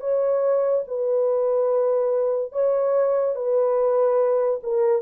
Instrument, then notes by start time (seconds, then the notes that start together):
horn
0.00 C#5
0.87 B4
2.52 C#5
3.35 B4
4.63 A#4